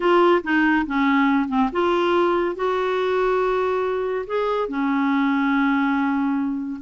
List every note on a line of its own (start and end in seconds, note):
0.00 0.42 F4
0.43 0.86 D#4
0.86 1.48 C#4
1.48 1.69 C4
1.72 2.55 F4
2.55 4.25 F#4
4.26 4.68 G#4
4.68 6.81 C#4